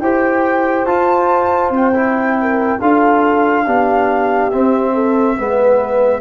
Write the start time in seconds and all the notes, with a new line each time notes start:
0.00 E4 G4 C5 G5
0.86 F4 A5
1.70 C4 G5
1.94 E4
2.42 A#4
2.79 D4 F4 A4 F5
3.66 B3 D4 G4
4.50 C4 E5
4.94 A4
5.37 G#3 B3 B4